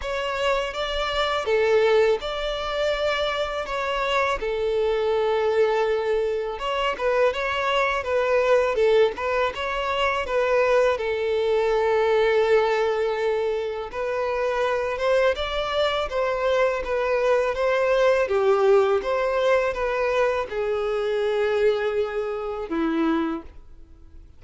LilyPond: \new Staff \with { instrumentName = "violin" } { \time 4/4 \tempo 4 = 82 cis''4 d''4 a'4 d''4~ | d''4 cis''4 a'2~ | a'4 cis''8 b'8 cis''4 b'4 | a'8 b'8 cis''4 b'4 a'4~ |
a'2. b'4~ | b'8 c''8 d''4 c''4 b'4 | c''4 g'4 c''4 b'4 | gis'2. e'4 | }